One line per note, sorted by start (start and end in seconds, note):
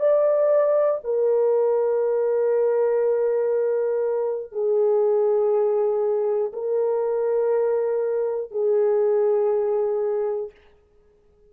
0.00 1.00 D5
1.04 4.52 A#4
4.52 6.52 G#4
6.53 8.51 A#4
8.51 10.51 G#4